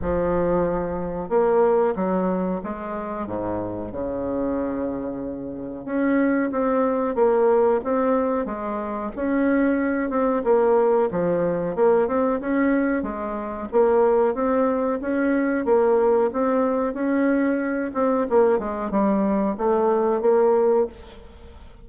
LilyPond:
\new Staff \with { instrumentName = "bassoon" } { \time 4/4 \tempo 4 = 92 f2 ais4 fis4 | gis4 gis,4 cis2~ | cis4 cis'4 c'4 ais4 | c'4 gis4 cis'4. c'8 |
ais4 f4 ais8 c'8 cis'4 | gis4 ais4 c'4 cis'4 | ais4 c'4 cis'4. c'8 | ais8 gis8 g4 a4 ais4 | }